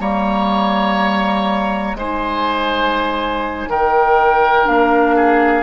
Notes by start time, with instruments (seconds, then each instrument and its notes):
0.00 bassoon G3, clarinet A#3, oboe C#5, flute A#5
1.95 bassoon G#3, clarinet D#4, oboe C5, flute G#5
3.68 bassoon D#3, oboe A#4, flute G5
4.65 bassoon A#3, clarinet D4, flute F5
5.16 oboe G#4